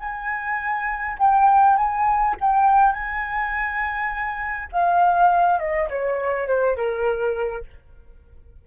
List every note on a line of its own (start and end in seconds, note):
0.00 1.18 G#5
1.19 1.77 G5
1.77 2.36 G#5
2.41 2.93 G5
2.93 4.70 G#5
4.73 5.60 F5
5.60 5.89 D#5
5.90 6.48 C#5
6.48 6.76 C5
6.76 7.65 A#4